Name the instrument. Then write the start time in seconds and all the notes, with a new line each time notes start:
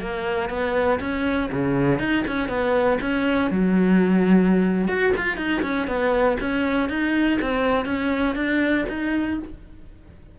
cello
0.00 A#3
0.50 B3
1.00 C#4
1.52 C#3
1.99 D#4
2.27 C#4
2.49 B3
3.01 C#4
3.51 F#3
4.88 F#4
5.17 F4
5.37 D#4
5.62 C#4
5.88 B3
6.40 C#4
6.89 D#4
7.41 C4
7.85 C#4
8.35 D4
8.89 D#4